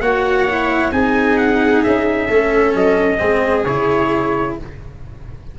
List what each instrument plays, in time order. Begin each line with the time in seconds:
0.00 tuba A#3, cello F#4, viola C#5, trumpet F#5
0.50 cello E4
0.91 tuba C4, cello D#4, viola G#4, trumpet G#5
1.37 trumpet F#5
1.84 tuba C#4, trumpet E5
2.28 tuba A3, cello C#4, viola A4
2.75 tuba F#3, trumpet D#5
3.19 tuba G#3, cello C4, viola G#4
3.65 tuba C#3, cello E4, trumpet C#5